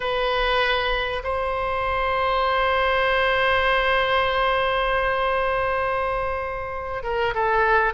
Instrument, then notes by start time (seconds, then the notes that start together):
oboe
0.00 B4
1.23 C5
7.03 A#4
7.34 A4